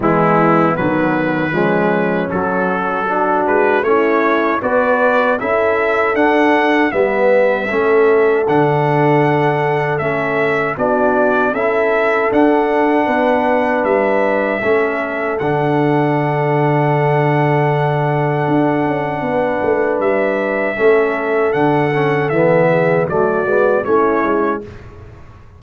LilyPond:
<<
  \new Staff \with { instrumentName = "trumpet" } { \time 4/4 \tempo 4 = 78 e'4 b'2 a'4~ | a'8 b'8 cis''4 d''4 e''4 | fis''4 e''2 fis''4~ | fis''4 e''4 d''4 e''4 |
fis''2 e''2 | fis''1~ | fis''2 e''2 | fis''4 e''4 d''4 cis''4 | }
  \new Staff \with { instrumentName = "horn" } { \time 4/4 b2 cis'2 | fis'4 e'4 b'4 a'4~ | a'4 b'4 a'2~ | a'2 fis'4 a'4~ |
a'4 b'2 a'4~ | a'1~ | a'4 b'2 a'4~ | a'4. gis'8 fis'4 e'4 | }
  \new Staff \with { instrumentName = "trombone" } { \time 4/4 gis4 fis4 gis4 fis4 | d'4 cis'4 fis'4 e'4 | d'4 b4 cis'4 d'4~ | d'4 cis'4 d'4 e'4 |
d'2. cis'4 | d'1~ | d'2. cis'4 | d'8 cis'8 b4 a8 b8 cis'4 | }
  \new Staff \with { instrumentName = "tuba" } { \time 4/4 e4 dis4 f4 fis4~ | fis8 gis8 a4 b4 cis'4 | d'4 g4 a4 d4~ | d4 a4 b4 cis'4 |
d'4 b4 g4 a4 | d1 | d'8 cis'8 b8 a8 g4 a4 | d4 e4 fis8 gis8 a8 gis8 | }
>>